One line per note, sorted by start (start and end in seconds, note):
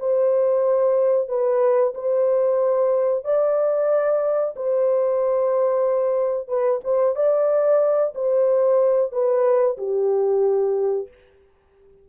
0.00 1.29 C5
1.29 1.94 B4
1.95 3.25 C5
3.25 4.55 D5
4.56 6.48 C5
6.48 6.81 B4
6.84 7.16 C5
7.16 8.14 D5
8.16 9.12 C5
9.12 9.78 B4
9.78 11.08 G4